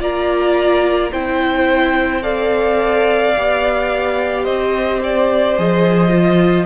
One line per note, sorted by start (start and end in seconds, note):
0.00 1.11 A#3
0.00 1.12 F4
0.00 1.12 D5
0.00 1.13 A#5
1.12 3.36 C4
1.12 2.23 E4
1.12 2.23 C5
1.12 2.24 G5
2.23 3.34 A4
2.23 4.43 D5
2.23 4.45 F5
3.37 4.47 B3
3.37 5.57 G4
4.43 5.59 C4
4.43 6.66 C5
4.43 5.00 D#5
5.04 5.58 D5
5.57 6.66 F3
5.57 6.10 G#4
5.57 6.66 D#5
6.10 6.66 F4